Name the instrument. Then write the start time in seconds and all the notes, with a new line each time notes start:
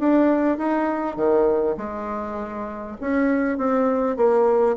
bassoon
0.00 D4
0.58 D#4
1.16 D#3
1.78 G#3
3.01 C#4
3.58 C4
4.17 A#3